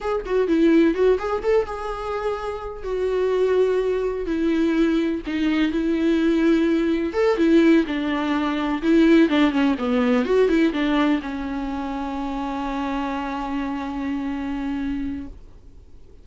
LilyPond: \new Staff \with { instrumentName = "viola" } { \time 4/4 \tempo 4 = 126 gis'8 fis'8 e'4 fis'8 gis'8 a'8 gis'8~ | gis'2 fis'2~ | fis'4 e'2 dis'4 | e'2. a'8 e'8~ |
e'8 d'2 e'4 d'8 | cis'8 b4 fis'8 e'8 d'4 cis'8~ | cis'1~ | cis'1 | }